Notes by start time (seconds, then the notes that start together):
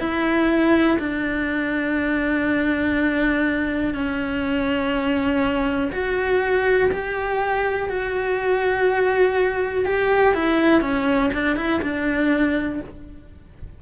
0.00 E4
0.99 D4
3.95 C#4
5.92 F#4
6.92 G4
7.90 F#4
9.86 G4
10.35 E4
10.82 C#4
11.34 D4
11.57 E4
11.83 D4